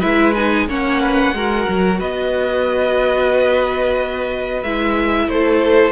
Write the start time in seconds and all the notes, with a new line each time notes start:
0.00 G#3 E4 B4 E5
0.35 D#4 G#5
0.69 A#3 C#4 C#5 F#5
1.01 B4
1.34 G#3 F#4 A#4
1.69 F#3
1.99 B3 B4 D#5
4.63 G#3 E4 E5
5.28 A3 A4 C5